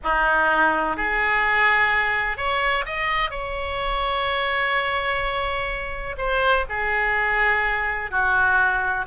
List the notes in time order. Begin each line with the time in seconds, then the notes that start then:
0.03 D#4
0.97 G#4
2.37 C#5
2.85 D#5
3.30 C#5
6.17 C5
6.69 G#4
8.11 F#4